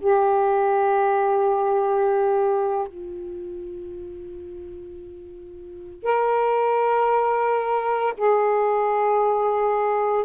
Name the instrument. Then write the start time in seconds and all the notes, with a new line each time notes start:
saxophone
0.00 G4
2.88 F4
6.03 A#4
8.17 G#4